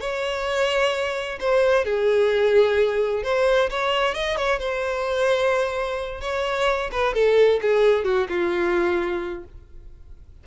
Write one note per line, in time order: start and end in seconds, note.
0.00 1.38 C#5
1.40 1.84 C5
1.84 3.23 G#4
3.23 3.69 C5
3.70 4.14 C#5
4.14 4.36 D#5
4.36 4.59 C#5
4.59 6.20 C5
6.21 6.90 C#5
6.91 7.13 B4
7.13 7.60 A4
7.61 8.04 G#4
8.04 8.27 F#4
8.28 9.44 F4